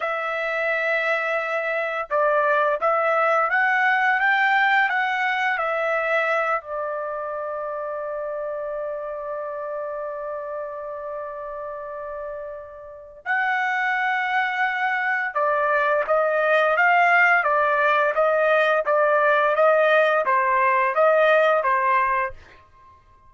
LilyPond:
\new Staff \with { instrumentName = "trumpet" } { \time 4/4 \tempo 4 = 86 e''2. d''4 | e''4 fis''4 g''4 fis''4 | e''4. d''2~ d''8~ | d''1~ |
d''2. fis''4~ | fis''2 d''4 dis''4 | f''4 d''4 dis''4 d''4 | dis''4 c''4 dis''4 c''4 | }